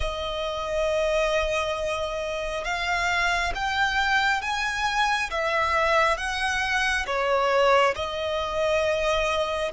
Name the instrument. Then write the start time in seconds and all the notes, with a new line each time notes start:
violin
0.00 D#5
2.64 F5
3.54 G5
4.41 G#5
5.30 E5
6.17 F#5
7.06 C#5
7.95 D#5